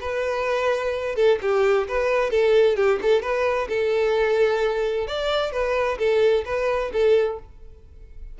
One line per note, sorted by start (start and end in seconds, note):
0.00 1.15 B4
1.15 1.38 A4
1.41 1.87 G4
1.88 2.30 B4
2.30 2.76 A4
2.76 2.99 G4
3.01 3.21 A4
3.21 3.68 B4
3.68 5.07 A4
5.07 5.52 D5
5.52 5.98 B4
5.98 6.44 A4
6.45 6.91 B4
6.92 7.38 A4